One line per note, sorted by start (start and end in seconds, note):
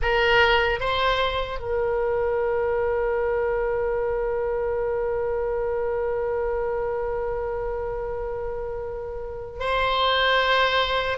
0.01 0.80 A#4
0.80 1.59 C5
1.59 9.59 A#4
9.59 11.17 C5